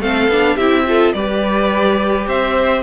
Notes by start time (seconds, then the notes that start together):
0.00 A3 C4 A4 F5
0.28 B3 D4
0.56 C4 E4 G4 E5
0.88 F4 A4
1.13 G3 G4 B4 D5
2.27 C4 C5 E5